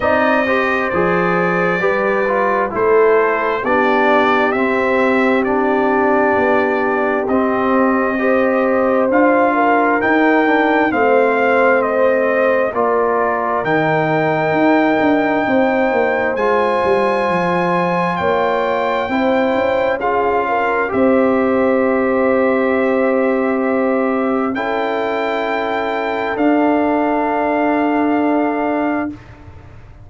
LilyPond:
<<
  \new Staff \with { instrumentName = "trumpet" } { \time 4/4 \tempo 4 = 66 dis''4 d''2 c''4 | d''4 e''4 d''2 | dis''2 f''4 g''4 | f''4 dis''4 d''4 g''4~ |
g''2 gis''2 | g''2 f''4 e''4~ | e''2. g''4~ | g''4 f''2. | }
  \new Staff \with { instrumentName = "horn" } { \time 4/4 d''8 c''4. b'4 a'4 | g'1~ | g'4 c''4. ais'4. | c''2 ais'2~ |
ais'4 c''2. | cis''4 c''4 gis'8 ais'8 c''4~ | c''2. a'4~ | a'1 | }
  \new Staff \with { instrumentName = "trombone" } { \time 4/4 dis'8 g'8 gis'4 g'8 f'8 e'4 | d'4 c'4 d'2 | c'4 g'4 f'4 dis'8 d'8 | c'2 f'4 dis'4~ |
dis'2 f'2~ | f'4 e'4 f'4 g'4~ | g'2. e'4~ | e'4 d'2. | }
  \new Staff \with { instrumentName = "tuba" } { \time 4/4 c'4 f4 g4 a4 | b4 c'2 b4 | c'2 d'4 dis'4 | a2 ais4 dis4 |
dis'8 d'8 c'8 ais8 gis8 g8 f4 | ais4 c'8 cis'4. c'4~ | c'2. cis'4~ | cis'4 d'2. | }
>>